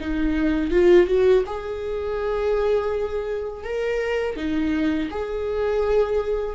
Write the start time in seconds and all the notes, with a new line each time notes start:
0.00 D#4
0.71 F4
1.07 F#4
1.46 G#4
3.64 A#4
4.36 D#4
5.10 G#4